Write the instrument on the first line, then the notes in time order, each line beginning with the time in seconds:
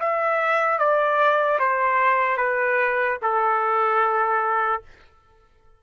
trumpet
0.00 E5
0.79 D5
1.59 C5
2.37 B4
3.22 A4